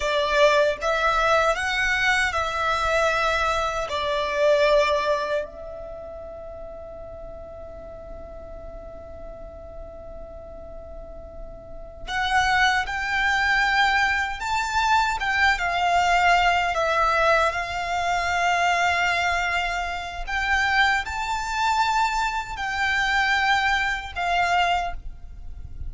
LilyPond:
\new Staff \with { instrumentName = "violin" } { \time 4/4 \tempo 4 = 77 d''4 e''4 fis''4 e''4~ | e''4 d''2 e''4~ | e''1~ | e''2.~ e''8 fis''8~ |
fis''8 g''2 a''4 g''8 | f''4. e''4 f''4.~ | f''2 g''4 a''4~ | a''4 g''2 f''4 | }